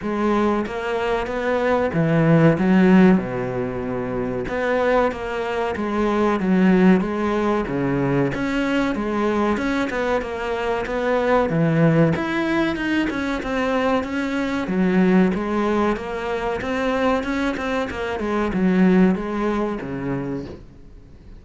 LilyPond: \new Staff \with { instrumentName = "cello" } { \time 4/4 \tempo 4 = 94 gis4 ais4 b4 e4 | fis4 b,2 b4 | ais4 gis4 fis4 gis4 | cis4 cis'4 gis4 cis'8 b8 |
ais4 b4 e4 e'4 | dis'8 cis'8 c'4 cis'4 fis4 | gis4 ais4 c'4 cis'8 c'8 | ais8 gis8 fis4 gis4 cis4 | }